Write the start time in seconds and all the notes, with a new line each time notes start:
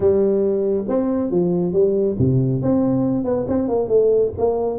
0.00 G3
0.88 C4
1.30 F3
1.72 G3
2.18 C3
2.62 C4
3.24 B3
3.47 C4
3.68 A#3
3.88 A3
4.38 A#3